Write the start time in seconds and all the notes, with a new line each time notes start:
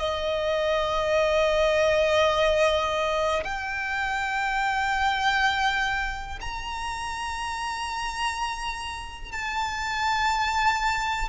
0.00 D#5
3.45 G5
6.42 A#5
9.33 A5